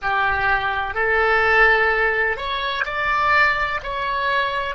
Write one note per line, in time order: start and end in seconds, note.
0.02 0.94 G4
0.94 2.36 A4
2.36 2.84 C#5
2.84 3.80 D5
3.83 4.75 C#5